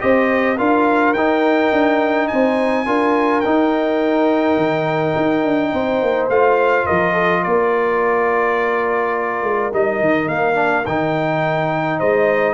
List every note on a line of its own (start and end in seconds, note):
0.00 0.60 C4
0.00 0.57 G4
0.00 0.58 C5
0.00 0.58 D#5
0.58 1.15 D4
0.58 1.16 F4
0.58 2.29 A#4
0.58 1.14 F5
1.14 1.72 D#4
1.14 2.87 D#4
1.14 2.28 G5
1.73 2.30 D4
2.28 2.87 C4
2.28 2.87 C5
2.28 3.41 G#5
2.87 3.44 D4
2.87 3.44 F4
2.87 5.72 A#4
3.41 4.57 D#4
3.41 6.32 D#4
3.41 6.26 G5
4.57 5.14 D#3
5.17 5.45 D#4
5.45 5.73 D4
5.72 6.02 C4
5.72 6.87 C5
6.02 6.28 A#3
6.28 6.86 A3
6.28 9.73 F4
6.28 6.87 F5
6.87 7.46 F3
6.87 7.14 A#4
6.87 7.44 D#5
7.14 7.42 A4
7.42 9.43 A#3
7.42 11.99 A#4
7.42 9.72 D5
9.43 9.72 G#3
9.73 10.01 G3
9.73 10.55 D#4
9.73 10.29 D#5
10.01 10.28 D#3
10.28 10.85 A#3
10.28 10.86 F5
10.55 10.84 D4
10.86 12.01 D#3
10.86 12.54 D#4
10.86 12.00 G5
11.99 12.54 G#3
11.99 12.54 C5
11.99 12.54 D#5